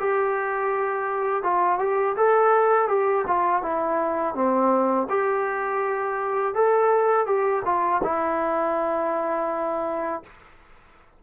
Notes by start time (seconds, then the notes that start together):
0.00 G4
1.43 F4
1.79 G4
2.17 A4
2.89 G4
3.27 F4
3.63 E4
4.35 C4
5.10 G4
6.55 A4
7.26 G4
7.65 F4
8.04 E4